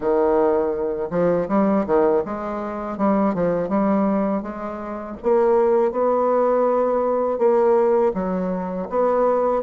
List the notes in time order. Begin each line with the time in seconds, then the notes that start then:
0.00 D#3
1.10 F3
1.48 G3
1.86 D#3
2.25 G#3
2.97 G3
3.34 F3
3.68 G3
4.42 G#3
5.22 A#3
5.91 B3
7.38 A#3
8.13 F#3
8.89 B3